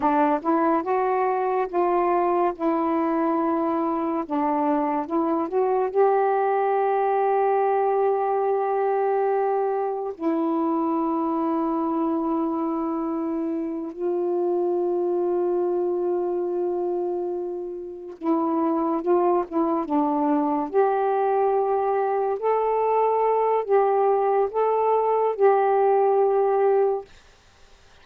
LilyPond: \new Staff \with { instrumentName = "saxophone" } { \time 4/4 \tempo 4 = 71 d'8 e'8 fis'4 f'4 e'4~ | e'4 d'4 e'8 fis'8 g'4~ | g'1 | e'1~ |
e'8 f'2.~ f'8~ | f'4. e'4 f'8 e'8 d'8~ | d'8 g'2 a'4. | g'4 a'4 g'2 | }